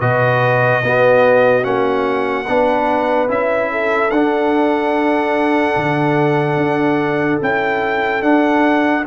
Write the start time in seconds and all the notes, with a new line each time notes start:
0.00 B2 F#4 B4 D#5
0.82 B3 F#4
1.62 A#3 C#4 F#5
2.47 B3 D4 B4
3.28 C#4 E4 E5
3.71 A4
4.10 D4 F#5
5.76 D3
6.56 D4
7.41 C#4 E4 G5
8.22 D4 F#5